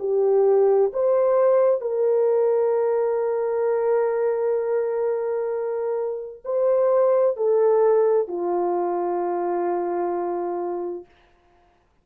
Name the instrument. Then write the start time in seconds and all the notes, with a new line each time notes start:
horn
0.00 G4
0.93 C5
1.81 A#4
6.45 C5
7.37 A4
8.28 F4